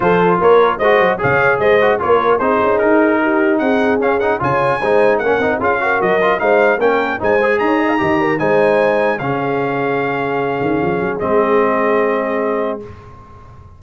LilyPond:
<<
  \new Staff \with { instrumentName = "trumpet" } { \time 4/4 \tempo 4 = 150 c''4 cis''4 dis''4 f''4 | dis''4 cis''4 c''4 ais'4~ | ais'4 fis''4 f''8 fis''8 gis''4~ | gis''4 fis''4 f''4 dis''4 |
f''4 g''4 gis''4 ais''4~ | ais''4 gis''2 f''4~ | f''1 | dis''1 | }
  \new Staff \with { instrumentName = "horn" } { \time 4/4 a'4 ais'4 c''4 cis''4 | c''4 ais'4 gis'2 | g'4 gis'2 cis''4 | c''4 ais'4 gis'8 ais'4. |
c''4 ais'4 c''4 cis''8 dis''16 f''16 | dis''8 ais'8 c''2 gis'4~ | gis'1~ | gis'1 | }
  \new Staff \with { instrumentName = "trombone" } { \time 4/4 f'2 fis'4 gis'4~ | gis'8 fis'8 f'4 dis'2~ | dis'2 cis'8 dis'8 f'4 | dis'4 cis'8 dis'8 f'8 fis'4 f'8 |
dis'4 cis'4 dis'8 gis'4. | g'4 dis'2 cis'4~ | cis'1 | c'1 | }
  \new Staff \with { instrumentName = "tuba" } { \time 4/4 f4 ais4 gis8 fis8 cis4 | gis4 ais4 c'8 cis'8 dis'4~ | dis'4 c'4 cis'4 cis4 | gis4 ais8 c'8 cis'4 fis4 |
gis4 ais4 gis4 dis'4 | dis4 gis2 cis4~ | cis2~ cis8 dis8 f8 fis8 | gis1 | }
>>